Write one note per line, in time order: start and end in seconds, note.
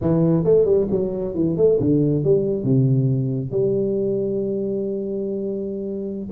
0.01 0.43 E3
0.43 0.65 A3
0.65 0.87 G3
0.90 1.34 F#3
1.34 1.56 E3
1.56 1.78 A3
1.80 2.23 D3
2.23 2.63 G3
2.63 3.51 C3
3.51 6.29 G3